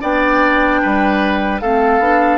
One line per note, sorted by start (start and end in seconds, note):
0.00 0.82 B3
0.00 1.60 D4
0.00 0.81 D5
0.00 1.61 G5
0.82 1.61 G3
0.82 1.61 B4
1.61 1.99 A3
1.61 2.01 C4
1.61 2.38 A4
1.61 2.38 F5
1.99 2.38 B3
1.99 2.38 D4